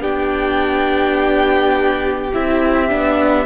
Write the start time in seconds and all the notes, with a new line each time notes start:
0.00 B3 D4 G4 G5
2.33 C4 E4 E5
2.89 B3 D4